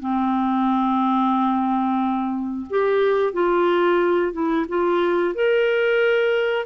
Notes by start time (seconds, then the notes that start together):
0.00 C4
2.70 G4
3.33 F4
4.33 E4
4.68 F4
5.35 A#4